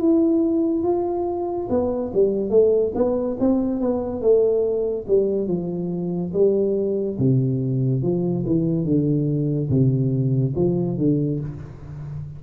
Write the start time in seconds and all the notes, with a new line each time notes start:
0.00 E4
0.83 F4
1.70 B3
2.14 G3
2.50 A3
2.95 B3
3.40 C4
3.81 B3
4.21 A3
5.08 G3
5.47 F3
6.33 G3
7.19 C3
8.03 F3
8.46 E3
8.85 D3
9.70 C3
10.56 F3
10.98 D3